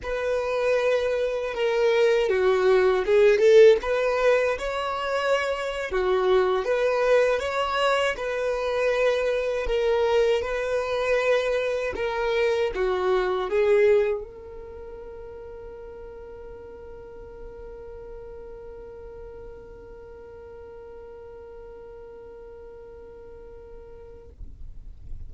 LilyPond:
\new Staff \with { instrumentName = "violin" } { \time 4/4 \tempo 4 = 79 b'2 ais'4 fis'4 | gis'8 a'8 b'4 cis''4.~ cis''16 fis'16~ | fis'8. b'4 cis''4 b'4~ b'16~ | b'8. ais'4 b'2 ais'16~ |
ais'8. fis'4 gis'4 ais'4~ ais'16~ | ais'1~ | ais'1~ | ais'1 | }